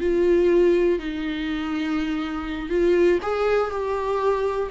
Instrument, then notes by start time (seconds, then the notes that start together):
viola
0.00 F4
0.99 D#4
2.69 F4
3.22 G#4
3.71 G4